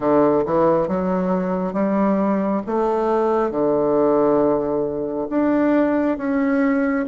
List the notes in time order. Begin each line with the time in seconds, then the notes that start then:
0.00 D3
0.45 E3
0.87 F#3
1.73 G3
2.66 A3
3.51 D3
5.29 D4
6.17 C#4